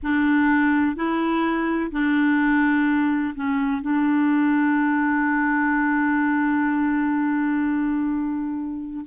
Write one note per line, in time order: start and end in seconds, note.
0.03 0.96 D4
0.96 1.91 E4
1.91 3.34 D4
3.35 3.81 C#4
3.81 9.05 D4